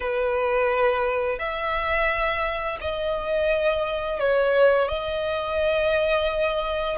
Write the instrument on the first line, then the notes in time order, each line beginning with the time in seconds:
violin
0.00 B4
1.39 E5
2.81 D#5
4.19 C#5
4.88 D#5